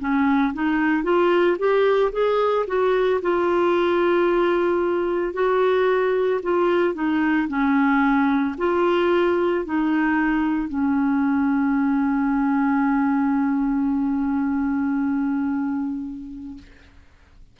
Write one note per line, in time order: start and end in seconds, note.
0.00 0.54 C#4
0.54 1.04 D#4
1.04 1.57 F4
1.59 2.12 G4
2.12 2.66 G#4
2.67 3.21 F#4
3.22 5.34 F4
5.34 6.41 F#4
6.43 6.94 F4
6.94 7.48 D#4
7.49 8.56 C#4
8.58 9.65 F4
9.65 10.69 D#4
10.69 16.58 C#4